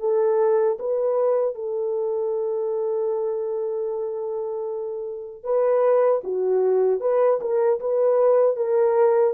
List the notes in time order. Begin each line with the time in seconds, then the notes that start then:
0.00 A4
0.79 B4
1.55 A4
5.44 B4
6.24 F#4
7.01 B4
7.41 A#4
7.80 B4
8.57 A#4